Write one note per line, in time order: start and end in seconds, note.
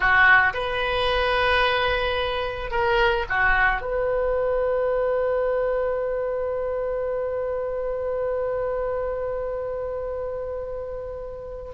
0.00 0.53 F#4
0.53 2.70 B4
2.70 3.25 A#4
3.29 3.81 F#4
3.81 11.71 B4